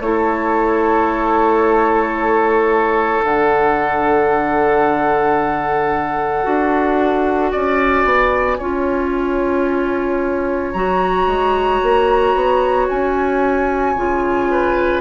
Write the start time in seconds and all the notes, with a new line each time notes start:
0.00 A3 E4 A4 C#5
3.23 D3 D4 F#5
6.44 D4 F#4
7.51 C#4 D5 G#5
8.04 B3
8.58 C#4 F4 C#5
10.72 F#3 F#4 A#5
11.27 G#3
11.82 A#3
12.34 B3
12.89 C#4 G#5
13.95 C#3 F4
14.51 B4